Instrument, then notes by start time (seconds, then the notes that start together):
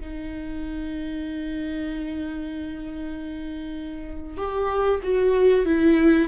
viola
0.00 D#4
4.37 G4
5.03 F#4
5.65 E4